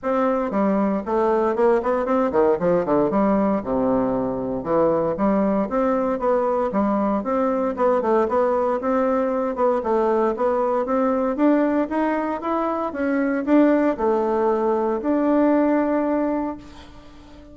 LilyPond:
\new Staff \with { instrumentName = "bassoon" } { \time 4/4 \tempo 4 = 116 c'4 g4 a4 ais8 b8 | c'8 dis8 f8 d8 g4 c4~ | c4 e4 g4 c'4 | b4 g4 c'4 b8 a8 |
b4 c'4. b8 a4 | b4 c'4 d'4 dis'4 | e'4 cis'4 d'4 a4~ | a4 d'2. | }